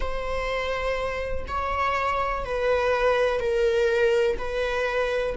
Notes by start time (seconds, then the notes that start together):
0.00 C5
1.47 C#5
2.44 B4
3.39 A#4
4.37 B4